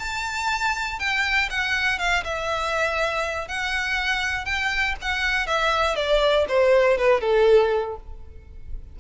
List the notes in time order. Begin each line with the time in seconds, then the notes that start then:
0.00 A5
1.00 G5
1.51 F#5
1.99 F5
2.25 E5
3.48 F#5
4.46 G5
5.02 F#5
5.47 E5
5.96 D5
6.49 C5
6.98 B4
7.21 A4